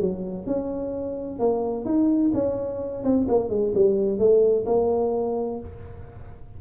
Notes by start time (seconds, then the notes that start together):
0.00 F#3
0.46 C#4
1.39 A#3
1.85 D#4
2.34 C#4
3.03 C4
3.28 A#3
3.49 G#3
3.74 G3
4.19 A3
4.66 A#3